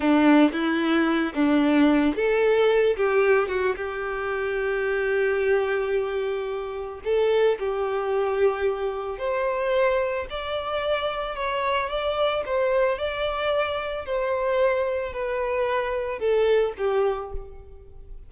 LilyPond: \new Staff \with { instrumentName = "violin" } { \time 4/4 \tempo 4 = 111 d'4 e'4. d'4. | a'4. g'4 fis'8 g'4~ | g'1~ | g'4 a'4 g'2~ |
g'4 c''2 d''4~ | d''4 cis''4 d''4 c''4 | d''2 c''2 | b'2 a'4 g'4 | }